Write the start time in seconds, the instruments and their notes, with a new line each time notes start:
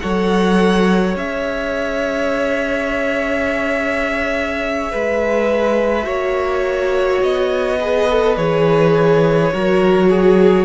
0.00 cello F#3, viola A4, violin C#5 F#5
1.15 cello C#4, viola G#4, violin E5
4.91 cello G#3, violin B4
6.03 cello A#3, viola F#4, violin C#5
7.22 cello B3, violin D#5
7.80 viola G#4, violin B4
8.09 viola A4
8.36 cello E3, viola G#4, violin C#5
9.52 cello F#3, viola F#4, violin A#4
10.09 violin G#4